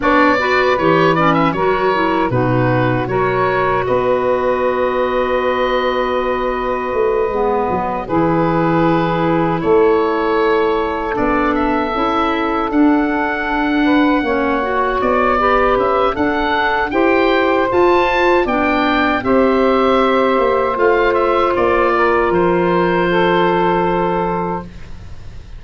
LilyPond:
<<
  \new Staff \with { instrumentName = "oboe" } { \time 4/4 \tempo 4 = 78 d''4 cis''8 d''16 e''16 cis''4 b'4 | cis''4 dis''2.~ | dis''2~ dis''8 b'4.~ | b'8 cis''2 d''8 e''4~ |
e''8 fis''2. d''8~ | d''8 e''8 fis''4 g''4 a''4 | g''4 e''2 f''8 e''8 | d''4 c''2. | }
  \new Staff \with { instrumentName = "saxophone" } { \time 4/4 cis''8 b'4. ais'4 fis'4 | ais'4 b'2.~ | b'2~ b'8 gis'4.~ | gis'8 a'2.~ a'8~ |
a'2 b'8 cis''4. | b'4 a'4 c''2 | d''4 c''2.~ | c''8 ais'4. a'2 | }
  \new Staff \with { instrumentName = "clarinet" } { \time 4/4 d'8 fis'8 g'8 cis'8 fis'8 e'8 dis'4 | fis'1~ | fis'4. b4 e'4.~ | e'2~ e'8 d'4 e'8~ |
e'8 d'2 cis'8 fis'4 | g'4 d'4 g'4 f'4 | d'4 g'2 f'4~ | f'1 | }
  \new Staff \with { instrumentName = "tuba" } { \time 4/4 b4 e4 fis4 b,4 | fis4 b2.~ | b4 a8 gis8 fis8 e4.~ | e8 a2 b4 cis'8~ |
cis'8 d'2 ais4 b8~ | b8 cis'8 d'4 e'4 f'4 | b4 c'4. ais8 a4 | ais4 f2. | }
>>